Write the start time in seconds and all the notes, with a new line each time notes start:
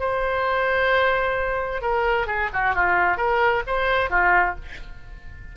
0.00 C5
1.82 A#4
2.27 G#4
2.54 F#4
2.75 F4
3.17 A#4
3.67 C5
4.10 F4